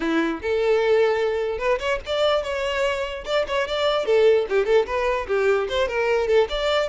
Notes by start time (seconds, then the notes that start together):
0.00 E4
0.41 A4
1.58 B4
1.79 C#5
2.05 D5
2.43 C#5
3.25 D5
3.47 C#5
3.67 D5
4.05 A4
4.49 G4
4.65 A4
4.86 B4
5.27 G4
5.68 C5
5.88 A#4
6.27 A4
6.49 D5